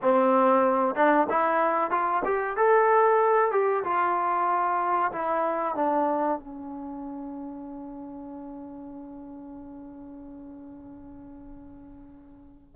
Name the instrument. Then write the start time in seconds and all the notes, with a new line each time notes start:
trombone
0.02 C4
0.95 D4
1.29 E4
1.90 F4
2.25 G4
2.56 A4
3.51 G4
3.84 F4
5.12 E4
5.75 D4
6.39 C#4